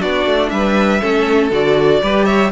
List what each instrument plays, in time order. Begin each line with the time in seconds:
0.00 cello B3, viola D4, violin F#4 D5
0.26 cello A3
0.50 cello G3, violin B4 E5
1.01 cello A3, viola C#4, violin A4
1.51 cello D3, viola F#4, violin D5
2.03 cello G3, viola G4, violin B4
2.25 violin C#5 E5